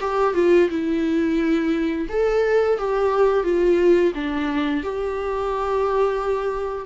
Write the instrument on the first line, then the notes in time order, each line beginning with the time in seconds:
viola
0.00 G4
0.34 F4
0.69 E4
2.09 A4
2.78 G4
3.43 F4
4.14 D4
4.83 G4